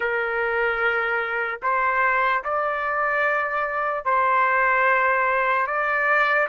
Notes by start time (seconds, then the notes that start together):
0.00 A#4
1.62 C5
2.44 D5
4.04 C5
5.66 D5